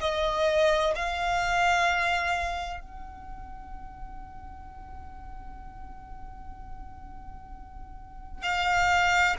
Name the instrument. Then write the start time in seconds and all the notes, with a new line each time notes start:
violin
0.00 D#5
0.95 F5
2.80 F#5
8.42 F5